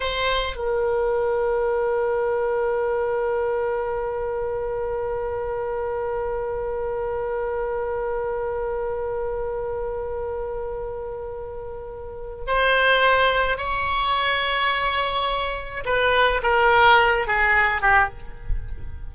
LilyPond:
\new Staff \with { instrumentName = "oboe" } { \time 4/4 \tempo 4 = 106 c''4 ais'2.~ | ais'1~ | ais'1~ | ais'1~ |
ais'1~ | ais'2 c''2 | cis''1 | b'4 ais'4. gis'4 g'8 | }